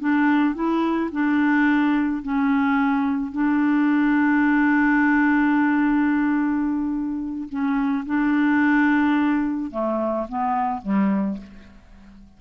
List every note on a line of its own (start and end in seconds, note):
0.00 0.55 D4
0.55 1.10 E4
1.12 2.23 D4
2.23 3.32 C#4
3.32 7.49 D4
7.49 8.05 C#4
8.06 9.71 D4
9.71 10.27 A3
10.29 10.82 B3
10.82 11.37 G3